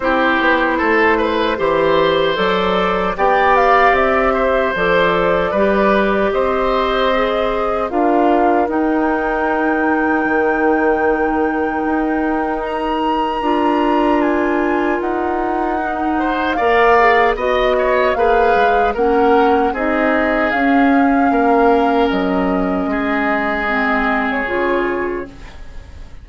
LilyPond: <<
  \new Staff \with { instrumentName = "flute" } { \time 4/4 \tempo 4 = 76 c''2. d''4 | g''8 f''8 e''4 d''2 | dis''2 f''4 g''4~ | g''1 |
ais''2 gis''4 fis''4~ | fis''4 f''4 dis''4 f''4 | fis''4 dis''4 f''2 | dis''2~ dis''8. cis''4~ cis''16 | }
  \new Staff \with { instrumentName = "oboe" } { \time 4/4 g'4 a'8 b'8 c''2 | d''4. c''4. b'4 | c''2 ais'2~ | ais'1~ |
ais'1~ | ais'8 c''8 d''4 dis''8 cis''8 b'4 | ais'4 gis'2 ais'4~ | ais'4 gis'2. | }
  \new Staff \with { instrumentName = "clarinet" } { \time 4/4 e'2 g'4 a'4 | g'2 a'4 g'4~ | g'4 gis'4 f'4 dis'4~ | dis'1~ |
dis'4 f'2. | dis'4 ais'8 gis'8 fis'4 gis'4 | cis'4 dis'4 cis'2~ | cis'2 c'4 f'4 | }
  \new Staff \with { instrumentName = "bassoon" } { \time 4/4 c'8 b8 a4 e4 fis4 | b4 c'4 f4 g4 | c'2 d'4 dis'4~ | dis'4 dis2 dis'4~ |
dis'4 d'2 dis'4~ | dis'4 ais4 b4 ais8 gis8 | ais4 c'4 cis'4 ais4 | fis4 gis2 cis4 | }
>>